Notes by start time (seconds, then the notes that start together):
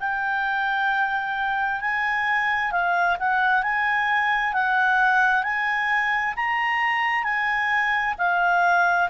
0.00 G5
1.81 G#5
2.72 F5
3.20 F#5
3.63 G#5
4.54 F#5
5.43 G#5
6.36 A#5
7.24 G#5
8.18 F5